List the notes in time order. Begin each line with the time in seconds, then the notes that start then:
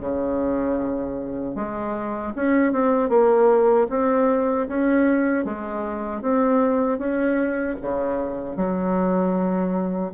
0.00 C#3
1.55 G#3
2.36 C#4
2.72 C4
3.09 A#3
3.90 C4
4.68 C#4
5.45 G#3
6.22 C4
6.98 C#4
7.81 C#3
8.56 F#3